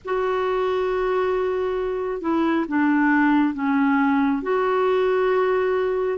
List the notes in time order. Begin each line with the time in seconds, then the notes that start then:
0.04 F#4
2.21 E4
2.68 D4
3.54 C#4
4.42 F#4